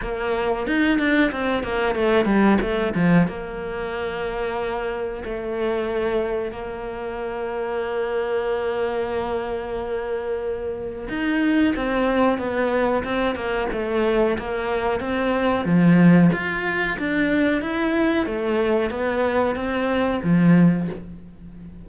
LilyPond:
\new Staff \with { instrumentName = "cello" } { \time 4/4 \tempo 4 = 92 ais4 dis'8 d'8 c'8 ais8 a8 g8 | a8 f8 ais2. | a2 ais2~ | ais1~ |
ais4 dis'4 c'4 b4 | c'8 ais8 a4 ais4 c'4 | f4 f'4 d'4 e'4 | a4 b4 c'4 f4 | }